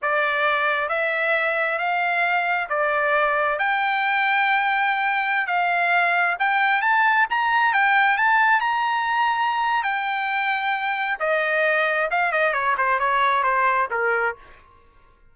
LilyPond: \new Staff \with { instrumentName = "trumpet" } { \time 4/4 \tempo 4 = 134 d''2 e''2 | f''2 d''2 | g''1~ | g''16 f''2 g''4 a''8.~ |
a''16 ais''4 g''4 a''4 ais''8.~ | ais''2 g''2~ | g''4 dis''2 f''8 dis''8 | cis''8 c''8 cis''4 c''4 ais'4 | }